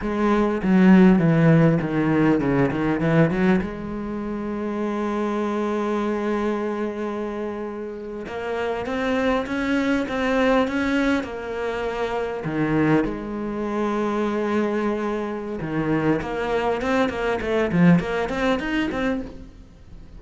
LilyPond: \new Staff \with { instrumentName = "cello" } { \time 4/4 \tempo 4 = 100 gis4 fis4 e4 dis4 | cis8 dis8 e8 fis8 gis2~ | gis1~ | gis4.~ gis16 ais4 c'4 cis'16~ |
cis'8. c'4 cis'4 ais4~ ais16~ | ais8. dis4 gis2~ gis16~ | gis2 dis4 ais4 | c'8 ais8 a8 f8 ais8 c'8 dis'8 c'8 | }